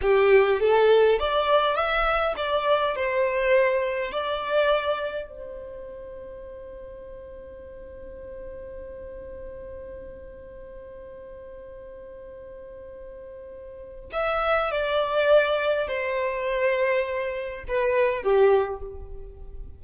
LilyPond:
\new Staff \with { instrumentName = "violin" } { \time 4/4 \tempo 4 = 102 g'4 a'4 d''4 e''4 | d''4 c''2 d''4~ | d''4 c''2.~ | c''1~ |
c''1~ | c''1 | e''4 d''2 c''4~ | c''2 b'4 g'4 | }